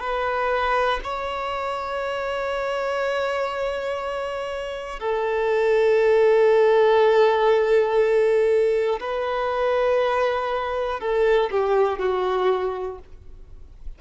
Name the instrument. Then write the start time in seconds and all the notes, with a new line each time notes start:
violin
0.00 B4
1.04 C#5
5.00 A4
9.00 B4
11.00 A4
11.51 G4
11.99 F#4